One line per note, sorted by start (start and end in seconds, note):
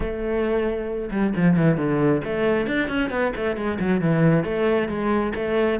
0.00 1.10 A3
1.11 1.33 G3
1.36 1.56 F3
1.56 1.77 E3
1.77 2.21 D3
2.24 2.67 A3
2.67 2.88 D4
2.88 3.10 C#4
3.10 3.32 B3
3.36 3.56 A3
3.56 3.78 G#3
3.79 4.00 F#3
4.00 4.44 E3
4.44 4.88 A3
4.88 5.32 G#3
5.35 5.79 A3